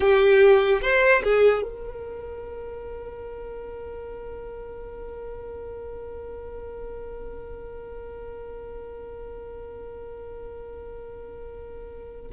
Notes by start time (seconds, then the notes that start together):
0.00 G4
0.81 C5
1.23 G#4
1.62 A#4